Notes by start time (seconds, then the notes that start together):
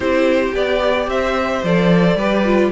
0.00 C4 E4 G4 C5
0.54 B3 G4 D5
1.07 C4 C5 E5
1.63 F3 A4 D5
2.15 G3 G4 B4
2.45 F4